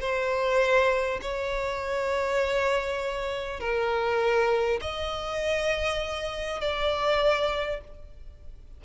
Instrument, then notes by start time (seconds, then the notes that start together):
violin
0.00 C5
1.21 C#5
3.60 A#4
4.81 D#5
6.61 D5